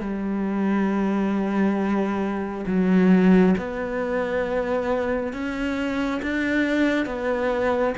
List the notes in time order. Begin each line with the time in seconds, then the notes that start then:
0.00 G3
2.67 F#3
3.58 B3
5.33 C#4
6.22 D4
7.05 B3